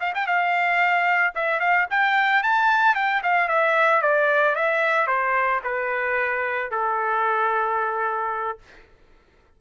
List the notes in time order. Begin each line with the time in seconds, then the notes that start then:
0.00 F5
0.14 G5
0.27 F5
1.35 E5
1.60 F5
1.90 G5
2.43 A5
2.95 G5
3.23 F5
3.48 E5
4.02 D5
4.56 E5
5.07 C5
5.64 B4
6.71 A4